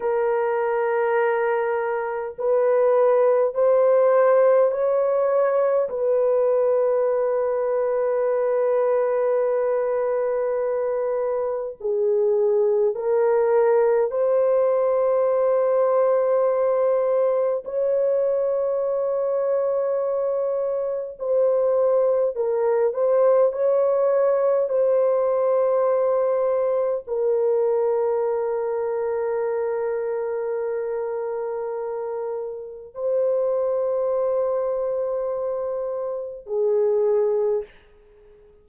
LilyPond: \new Staff \with { instrumentName = "horn" } { \time 4/4 \tempo 4 = 51 ais'2 b'4 c''4 | cis''4 b'2.~ | b'2 gis'4 ais'4 | c''2. cis''4~ |
cis''2 c''4 ais'8 c''8 | cis''4 c''2 ais'4~ | ais'1 | c''2. gis'4 | }